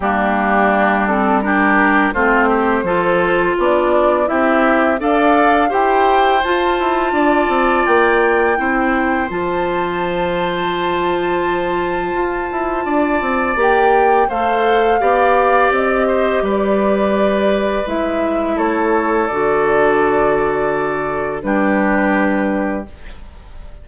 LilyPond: <<
  \new Staff \with { instrumentName = "flute" } { \time 4/4 \tempo 4 = 84 g'4. a'8 ais'4 c''4~ | c''4 d''4 e''4 f''4 | g''4 a''2 g''4~ | g''4 a''2.~ |
a''2. g''4 | f''2 dis''4 d''4~ | d''4 e''4 cis''4 d''4~ | d''2 b'2 | }
  \new Staff \with { instrumentName = "oboe" } { \time 4/4 d'2 g'4 f'8 g'8 | a'4 d'4 g'4 d''4 | c''2 d''2 | c''1~ |
c''2 d''2 | c''4 d''4. c''8 b'4~ | b'2 a'2~ | a'2 g'2 | }
  \new Staff \with { instrumentName = "clarinet" } { \time 4/4 ais4. c'8 d'4 c'4 | f'2 e'4 a'4 | g'4 f'2. | e'4 f'2.~ |
f'2. g'4 | a'4 g'2.~ | g'4 e'2 fis'4~ | fis'2 d'2 | }
  \new Staff \with { instrumentName = "bassoon" } { \time 4/4 g2. a4 | f4 b4 c'4 d'4 | e'4 f'8 e'8 d'8 c'8 ais4 | c'4 f2.~ |
f4 f'8 e'8 d'8 c'8 ais4 | a4 b4 c'4 g4~ | g4 gis4 a4 d4~ | d2 g2 | }
>>